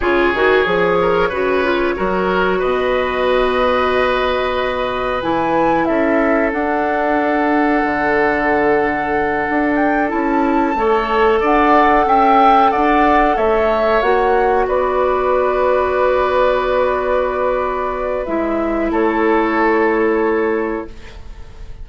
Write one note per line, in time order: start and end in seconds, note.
0.00 0.33 C#3
0.00 0.33 F4
0.00 0.97 G#4
0.00 2.60 C#5
0.34 0.65 D#3
0.34 0.65 F#4
0.65 1.30 F3
0.65 1.30 G#4
1.01 1.29 A#4
1.29 1.95 C#3
1.29 1.63 F#4
1.29 1.94 B4
1.63 1.96 F4
1.96 2.62 F#3
1.96 5.22 F#4
1.96 2.58 A#4
2.58 5.22 B2
2.58 5.85 B4
2.58 5.21 D#5
5.22 5.88 E3
5.22 6.52 E4
5.22 5.85 G#5
5.85 6.53 C#4
5.85 10.76 A4
5.85 6.50 E5
6.52 10.08 D4
6.52 7.83 D4
6.52 9.75 F#5
7.84 9.47 D3
9.49 10.12 D4
9.75 10.08 G5
10.08 10.75 C#4
10.08 10.73 E4
10.08 11.39 A5
10.75 11.40 A3
10.75 14.02 A4
10.75 11.40 C#5
11.40 12.05 D4
11.40 12.05 D5
11.40 12.07 F#5
12.05 12.71 C#4
12.05 12.71 E5
12.05 12.71 G5
12.71 13.36 D4
12.71 13.36 D5
12.71 13.36 F#5
13.36 14.01 A3
13.36 14.66 C#5
13.36 14.01 E5
14.01 14.67 A#3
14.01 18.26 F#4
14.01 14.66 F#5
14.67 18.26 B3
14.67 18.91 B4
14.67 18.25 D5
18.25 18.90 G#3
18.25 20.87 E4
18.25 18.90 E5
18.90 20.86 A3
18.90 20.86 A4
18.90 20.88 C#5